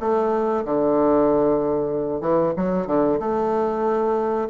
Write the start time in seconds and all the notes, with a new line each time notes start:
0.00 A3
0.65 D3
2.21 E3
2.57 F#3
2.87 D3
3.20 A3